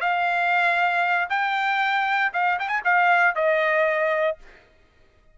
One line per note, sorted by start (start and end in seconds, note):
0.00 1.28 F5
1.29 2.32 G5
2.33 2.59 F5
2.59 2.68 G5
2.68 2.81 G#5
2.84 3.35 F5
3.35 4.37 D#5